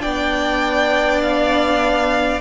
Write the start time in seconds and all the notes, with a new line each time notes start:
0.00 B3 D4 D5 G5
1.23 F5